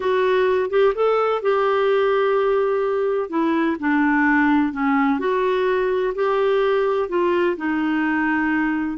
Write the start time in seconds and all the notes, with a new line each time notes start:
0.00 F#4
0.70 G4
0.94 A4
1.42 G4
3.29 E4
3.79 D4
4.72 C#4
5.19 F#4
6.14 G4
7.09 F4
7.57 D#4